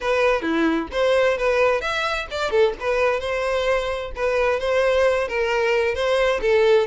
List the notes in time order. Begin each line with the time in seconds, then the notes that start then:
0.01 B4
0.42 E4
0.92 C5
1.37 B4
1.81 E5
2.30 D5
2.50 A4
2.80 B4
3.19 C5
4.15 B4
4.59 C5
5.28 A#4
5.94 C5
6.41 A4